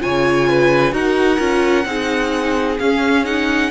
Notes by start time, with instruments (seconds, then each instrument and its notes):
0.00 cello C#3, viola F4, violin C#5 G#5
0.48 violin B4
0.91 cello D#4, viola F#4, violin A#4 F#5
1.38 cello C#4, viola F4
1.85 cello C4, viola D#4, violin G#4
2.78 cello C#4, viola C#4, violin F5
3.24 viola D#4, violin F#5